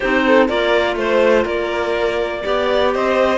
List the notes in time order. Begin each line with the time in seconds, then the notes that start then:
0.00 C4 D#4 G4 C5
0.26 A4
0.47 A#3 F4 A#4 D5
0.96 A3 C5
1.44 A#3 A#4 D5
2.43 B3 G4 D5
2.94 C4 C5 D#5